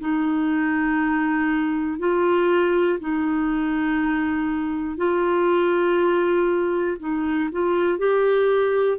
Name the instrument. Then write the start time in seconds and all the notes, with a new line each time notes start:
clarinet
0.00 D#4
1.99 F4
2.99 D#4
4.97 F4
6.99 D#4
7.51 F4
7.98 G4